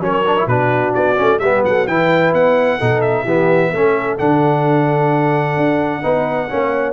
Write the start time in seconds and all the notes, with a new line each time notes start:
0.00 F#3 C#4 A#4 C#5
0.27 D4
0.38 E4
0.47 B2 D4 F#4 B4
0.94 B3 D5
1.16 A3 C#4
1.39 G3 B3 G4 E5
1.65 F#3 A4 F#5
1.87 E3 E4 B4 G5
2.33 B3 F#5
2.78 B2 D#4 A4
3.01 E5
3.24 E3 B3 G4
3.72 A3 C#4 A4
4.18 D3 D4 F#5
5.57 D4
6.02 B3 D#4 B4
6.50 A#3 C#4 C#5